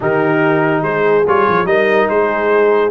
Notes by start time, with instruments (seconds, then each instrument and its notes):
0.00 tuba D#3, trombone D#4, horn G4, trumpet A#4
0.81 tuba G#3, horn G#4, trumpet C5
1.26 tuba G3, trombone F4, trumpet C#5
1.48 tuba F3
1.65 tuba G3, trombone D#4, horn A#4, trumpet D#5
2.09 tuba G#3, horn G#4, trumpet C5